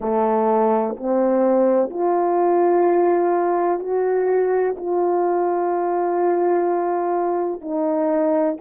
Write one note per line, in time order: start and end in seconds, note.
0.00 0.96 A3
0.96 1.90 C4
1.90 3.79 F4
3.79 4.74 F#4
4.76 7.61 F4
7.61 8.56 D#4